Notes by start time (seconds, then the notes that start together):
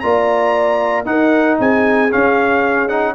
0.00 A#3 F4 D5 A#5
1.05 D#4 A#4 F#5
1.59 C4 G#4 G#5
2.10 C#4 F5
2.88 D#4 F#5